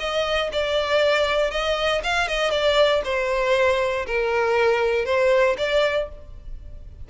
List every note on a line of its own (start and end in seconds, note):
0.00 0.51 D#5
0.53 1.51 D5
1.51 2.02 D#5
2.04 2.28 F5
2.28 2.51 D#5
2.51 3.02 D5
3.05 4.07 C5
4.07 5.06 A#4
5.06 5.57 C5
5.58 6.09 D5